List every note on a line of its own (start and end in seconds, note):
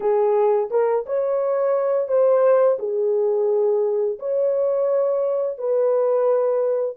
0.00 0.69 G#4
0.70 1.05 A#4
1.06 2.07 C#5
2.07 2.77 C5
2.78 4.18 G#4
4.19 5.58 C#5
5.58 6.96 B4